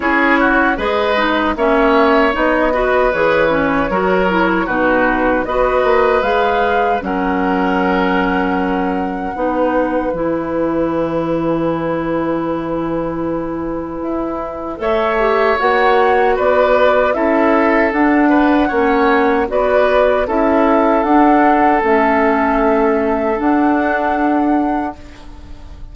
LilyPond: <<
  \new Staff \with { instrumentName = "flute" } { \time 4/4 \tempo 4 = 77 cis''4 dis''4 e''4 dis''4 | cis''2 b'4 dis''4 | f''4 fis''2.~ | fis''4 gis''2.~ |
gis''2. e''4 | fis''4 d''4 e''4 fis''4~ | fis''4 d''4 e''4 fis''4 | e''2 fis''2 | }
  \new Staff \with { instrumentName = "oboe" } { \time 4/4 gis'8 fis'8 b'4 cis''4. b'8~ | b'4 ais'4 fis'4 b'4~ | b'4 ais'2. | b'1~ |
b'2. cis''4~ | cis''4 b'4 a'4. b'8 | cis''4 b'4 a'2~ | a'1 | }
  \new Staff \with { instrumentName = "clarinet" } { \time 4/4 e'4 gis'8 dis'8 cis'4 dis'8 fis'8 | gis'8 cis'8 fis'8 e'8 dis'4 fis'4 | gis'4 cis'2. | dis'4 e'2.~ |
e'2. a'8 g'8 | fis'2 e'4 d'4 | cis'4 fis'4 e'4 d'4 | cis'2 d'2 | }
  \new Staff \with { instrumentName = "bassoon" } { \time 4/4 cis'4 gis4 ais4 b4 | e4 fis4 b,4 b8 ais8 | gis4 fis2. | b4 e2.~ |
e2 e'4 a4 | ais4 b4 cis'4 d'4 | ais4 b4 cis'4 d'4 | a2 d'2 | }
>>